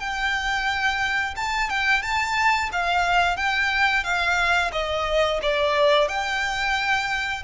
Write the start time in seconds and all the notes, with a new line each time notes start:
0.00 G5
1.36 A5
1.70 G5
2.03 A5
2.72 F5
3.37 G5
4.04 F5
4.73 D#5
5.42 D5
6.09 G5